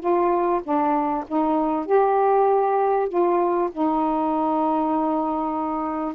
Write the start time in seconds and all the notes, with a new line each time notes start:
0.00 F4
0.63 D4
1.27 D#4
1.86 G4
3.09 F4
3.72 D#4